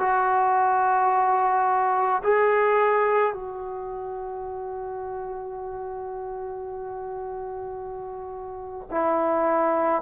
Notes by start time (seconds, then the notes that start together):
0.00 F#4
2.24 G#4
3.34 F#4
8.91 E4